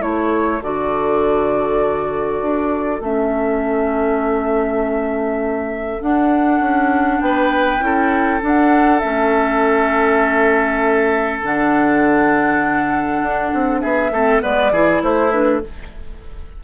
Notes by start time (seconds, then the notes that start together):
0.00 A3 E4 A4 C#5
0.63 D3 F#4 D5
2.42 D4
3.01 A3 C#4 E5
6.02 D4 F#5
6.61 C#4
7.21 B3 B4 G5
7.80 C#4 E4 A4
8.41 D4 F#5
8.99 A3 C#4 E5
11.43 D3 D4 F#5
13.22 D4
13.54 C4
13.81 B3 G#4 E5
14.11 A3 C4 A4
14.41 G#3 B3 B4 D5
14.71 E3 E4 G#4
15.03 A3 E4 C5
15.32 D4 B4